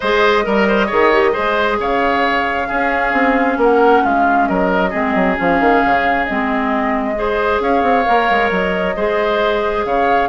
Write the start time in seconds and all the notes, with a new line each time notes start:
0.00 G#3 G#4 C5 D#5
0.43 G3 A#4
0.67 C5
0.86 D#3 G#4 C#5
1.12 G4
1.32 G#3 G#4 C5
1.79 C#3 C#5 F5
2.68 C#4 G#4
3.12 C4
3.57 A#3 A#4 F#5
4.03 G#3 F4 F5
4.47 F#3 A#4 D#5
4.90 G#3 C4 G#4
5.14 F#3
5.35 F3 C#4 F5
5.60 D#3
5.85 C#3
6.25 G#3 C4 D#5
7.15 G#4 C5
7.60 C#4 C#5 F5
7.82 C4
8.05 A#3 A#4
8.29 G#3
8.50 F#3 D#5
8.96 G#3 G#4 C5
9.85 C#3 C#5 F5